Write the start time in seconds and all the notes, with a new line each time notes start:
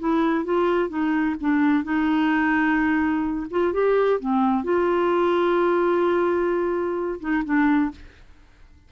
0.00 E4
0.45 F4
0.89 D#4
1.41 D4
1.84 D#4
3.51 F4
3.74 G4
4.20 C4
4.64 F4
7.21 D#4
7.45 D4